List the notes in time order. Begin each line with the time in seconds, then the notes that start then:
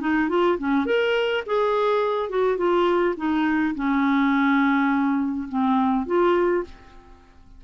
0.00 D#4
0.29 F4
0.58 C#4
0.86 A#4
1.46 G#4
2.29 F#4
2.57 F4
3.17 D#4
3.75 C#4
5.49 C4
6.06 F4